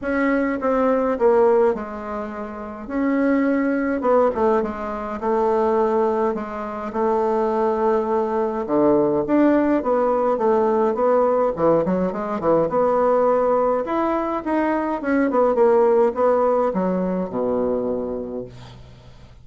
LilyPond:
\new Staff \with { instrumentName = "bassoon" } { \time 4/4 \tempo 4 = 104 cis'4 c'4 ais4 gis4~ | gis4 cis'2 b8 a8 | gis4 a2 gis4 | a2. d4 |
d'4 b4 a4 b4 | e8 fis8 gis8 e8 b2 | e'4 dis'4 cis'8 b8 ais4 | b4 fis4 b,2 | }